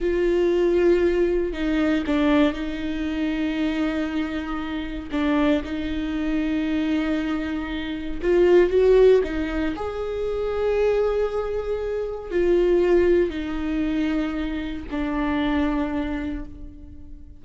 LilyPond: \new Staff \with { instrumentName = "viola" } { \time 4/4 \tempo 4 = 117 f'2. dis'4 | d'4 dis'2.~ | dis'2 d'4 dis'4~ | dis'1 |
f'4 fis'4 dis'4 gis'4~ | gis'1 | f'2 dis'2~ | dis'4 d'2. | }